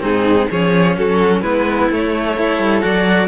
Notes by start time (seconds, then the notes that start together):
0.00 G#2 C4 D#4 G#4
0.50 F3 C#4 G#4 C#5
0.97 F#3 F#4 A4
1.41 G#3 B3 E4 B4
1.89 A3 C#5
2.37 E4 A4
2.58 G3
2.81 F#3 F#4 D5